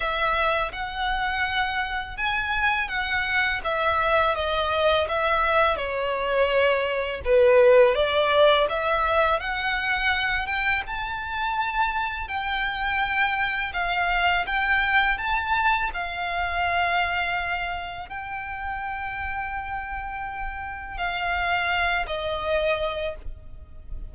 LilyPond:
\new Staff \with { instrumentName = "violin" } { \time 4/4 \tempo 4 = 83 e''4 fis''2 gis''4 | fis''4 e''4 dis''4 e''4 | cis''2 b'4 d''4 | e''4 fis''4. g''8 a''4~ |
a''4 g''2 f''4 | g''4 a''4 f''2~ | f''4 g''2.~ | g''4 f''4. dis''4. | }